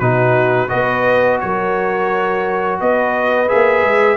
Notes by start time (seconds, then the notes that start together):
0.00 B2 D#4 F#4 B4
0.68 B3 F#4 B4 D#5
1.41 F#3 A#4 C#5
2.81 B3 B4 D#5
3.48 G#4 E5
3.54 A#3
3.83 G#3